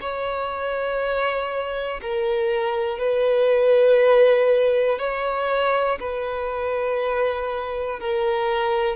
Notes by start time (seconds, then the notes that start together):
0.00 C#5
2.01 A#4
2.98 B4
4.98 C#5
6.00 B4
8.00 A#4